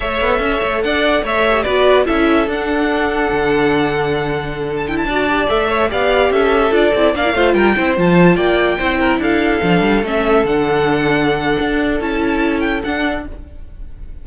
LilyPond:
<<
  \new Staff \with { instrumentName = "violin" } { \time 4/4 \tempo 4 = 145 e''2 fis''4 e''4 | d''4 e''4 fis''2~ | fis''2.~ fis''8 a''16 g''16 | a''4~ a''16 e''4 f''4 e''8.~ |
e''16 d''4 f''4 g''4 a''8.~ | a''16 g''2 f''4.~ f''16~ | f''16 e''4 fis''2~ fis''8.~ | fis''4 a''4. g''8 fis''4 | }
  \new Staff \with { instrumentName = "violin" } { \time 4/4 cis''4 e''16 cis''8. d''4 cis''4 | b'4 a'2.~ | a'1~ | a'16 d''4. cis''8 d''4 a'8.~ |
a'4~ a'16 d''8 c''8 ais'8 c''4~ c''16~ | c''16 d''4 c''8 ais'8 a'4.~ a'16~ | a'1~ | a'1 | }
  \new Staff \with { instrumentName = "viola" } { \time 4/4 a'2.~ a'8 g'8 | fis'4 e'4 d'2~ | d'2.~ d'8. e'16~ | e'16 fis'8 g'8 a'4 g'4.~ g'16~ |
g'16 f'8 e'8 d'16 e'16 f'4 e'8 f'8.~ | f'4~ f'16 e'2 d'8.~ | d'16 cis'4 d'2~ d'8.~ | d'4 e'2 d'4 | }
  \new Staff \with { instrumentName = "cello" } { \time 4/4 a8 b8 cis'8 a8 d'4 a4 | b4 cis'4 d'2 | d1~ | d16 d'4 a4 b4 cis'8.~ |
cis'16 d'8 c'8 ais8 a8 g8 c'8 f8.~ | f16 ais4 c'4 d'4 f8 g16~ | g16 a4 d2~ d8. | d'4 cis'2 d'4 | }
>>